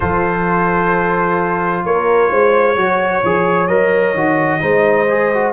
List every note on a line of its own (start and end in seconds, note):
0.00 1.84 F3
0.00 2.75 F4
0.00 1.84 A4
0.00 1.85 C5
1.84 2.30 A#3
1.84 2.30 A#4
1.84 3.67 C#5
2.30 2.76 G#3
2.30 2.77 C5
2.76 3.22 F#3
2.76 3.22 F#4
2.76 4.62 C#5
3.24 3.68 F3
3.24 3.68 G#4
3.67 4.14 F#3
3.67 4.14 A#4
3.67 5.52 D#5
4.14 4.60 D#3
4.14 4.60 F#4
4.60 5.53 G#3
4.60 5.06 D#4
4.60 5.53 C5
5.09 5.32 G#4
5.33 5.53 F#4